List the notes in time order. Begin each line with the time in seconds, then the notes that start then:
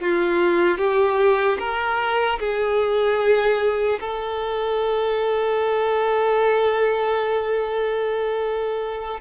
0.00 F4
0.77 G4
1.59 A#4
2.39 G#4
4.00 A4